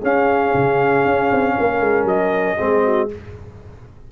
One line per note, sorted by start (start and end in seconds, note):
0.00 2.58 C#4
0.00 0.54 C#4
0.00 1.54 G#4
0.00 2.07 F5
0.55 1.05 C#3
1.05 1.31 C#4
1.31 1.57 C4
1.56 1.80 A#3
1.56 2.57 A#4
1.80 2.04 G#3
2.04 2.56 F#3
2.04 3.10 D#5
2.57 3.12 G#3
2.57 3.09 C4
2.57 2.83 G#4
2.84 3.10 F#4